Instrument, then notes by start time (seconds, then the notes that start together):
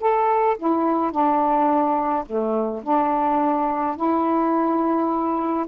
saxophone
0.00 A4
0.58 E4
1.11 D4
2.26 A3
2.83 D4
3.96 E4